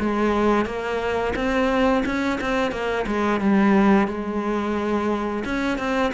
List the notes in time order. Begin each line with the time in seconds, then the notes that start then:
0.00 G#3
0.65 A#3
1.35 C4
2.05 C#4
2.41 C4
2.72 A#3
3.07 G#3
3.41 G3
4.08 G#3
5.45 C#4
5.79 C4